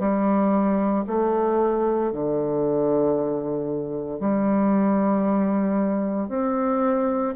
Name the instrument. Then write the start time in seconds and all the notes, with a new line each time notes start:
bassoon
0.00 G3
1.08 A3
2.12 D3
4.21 G3
6.29 C4